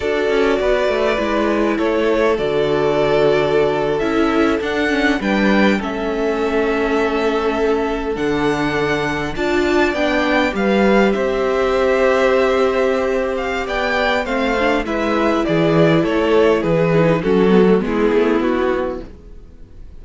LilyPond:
<<
  \new Staff \with { instrumentName = "violin" } { \time 4/4 \tempo 4 = 101 d''2. cis''4 | d''2~ d''8. e''4 fis''16~ | fis''8. g''4 e''2~ e''16~ | e''4.~ e''16 fis''2 a''16~ |
a''8. g''4 f''4 e''4~ e''16~ | e''2~ e''8 f''8 g''4 | f''4 e''4 d''4 cis''4 | b'4 a'4 gis'4 fis'4 | }
  \new Staff \with { instrumentName = "violin" } { \time 4/4 a'4 b'2 a'4~ | a'1~ | a'8. b'4 a'2~ a'16~ | a'2.~ a'8. d''16~ |
d''4.~ d''16 b'4 c''4~ c''16~ | c''2. d''4 | c''4 b'4 gis'4 a'4 | gis'4 fis'4 e'2 | }
  \new Staff \with { instrumentName = "viola" } { \time 4/4 fis'2 e'2 | fis'2~ fis'8. e'4 d'16~ | d'16 cis'8 d'4 cis'2~ cis'16~ | cis'4.~ cis'16 d'2 f'16~ |
f'8. d'4 g'2~ g'16~ | g'1 | c'8 d'8 e'2.~ | e'8 dis'8 cis'8 b16 a16 b2 | }
  \new Staff \with { instrumentName = "cello" } { \time 4/4 d'8 cis'8 b8 a8 gis4 a4 | d2~ d8. cis'4 d'16~ | d'8. g4 a2~ a16~ | a4.~ a16 d2 d'16~ |
d'8. b4 g4 c'4~ c'16~ | c'2. b4 | a4 gis4 e4 a4 | e4 fis4 gis8 a8 b4 | }
>>